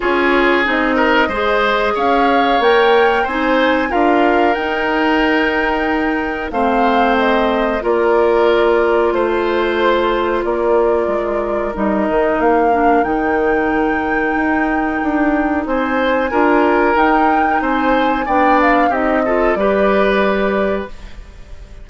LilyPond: <<
  \new Staff \with { instrumentName = "flute" } { \time 4/4 \tempo 4 = 92 cis''4 dis''2 f''4 | g''4 gis''4 f''4 g''4~ | g''2 f''4 dis''4 | d''2 c''2 |
d''2 dis''4 f''4 | g''1 | gis''2 g''4 gis''4 | g''8 f''8 dis''4 d''2 | }
  \new Staff \with { instrumentName = "oboe" } { \time 4/4 gis'4. ais'8 c''4 cis''4~ | cis''4 c''4 ais'2~ | ais'2 c''2 | ais'2 c''2 |
ais'1~ | ais'1 | c''4 ais'2 c''4 | d''4 g'8 a'8 b'2 | }
  \new Staff \with { instrumentName = "clarinet" } { \time 4/4 f'4 dis'4 gis'2 | ais'4 dis'4 f'4 dis'4~ | dis'2 c'2 | f'1~ |
f'2 dis'4. d'8 | dis'1~ | dis'4 f'4 dis'2 | d'4 dis'8 f'8 g'2 | }
  \new Staff \with { instrumentName = "bassoon" } { \time 4/4 cis'4 c'4 gis4 cis'4 | ais4 c'4 d'4 dis'4~ | dis'2 a2 | ais2 a2 |
ais4 gis4 g8 dis8 ais4 | dis2 dis'4 d'4 | c'4 d'4 dis'4 c'4 | b4 c'4 g2 | }
>>